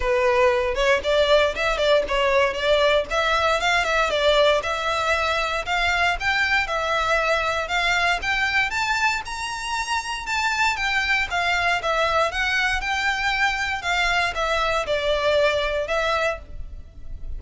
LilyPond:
\new Staff \with { instrumentName = "violin" } { \time 4/4 \tempo 4 = 117 b'4. cis''8 d''4 e''8 d''8 | cis''4 d''4 e''4 f''8 e''8 | d''4 e''2 f''4 | g''4 e''2 f''4 |
g''4 a''4 ais''2 | a''4 g''4 f''4 e''4 | fis''4 g''2 f''4 | e''4 d''2 e''4 | }